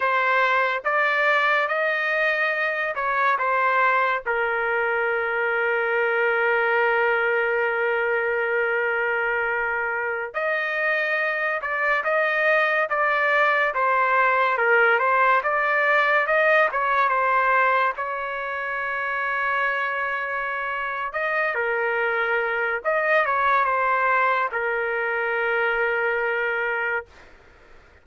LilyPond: \new Staff \with { instrumentName = "trumpet" } { \time 4/4 \tempo 4 = 71 c''4 d''4 dis''4. cis''8 | c''4 ais'2.~ | ais'1~ | ais'16 dis''4. d''8 dis''4 d''8.~ |
d''16 c''4 ais'8 c''8 d''4 dis''8 cis''16~ | cis''16 c''4 cis''2~ cis''8.~ | cis''4 dis''8 ais'4. dis''8 cis''8 | c''4 ais'2. | }